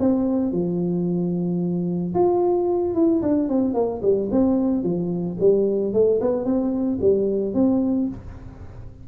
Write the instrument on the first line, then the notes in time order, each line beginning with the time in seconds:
tuba
0.00 C4
0.52 F3
2.15 F4
2.95 E4
3.23 D4
3.49 C4
3.74 A#3
4.03 G3
4.32 C4
4.84 F3
5.40 G3
5.94 A3
6.21 B3
6.45 C4
7.01 G3
7.55 C4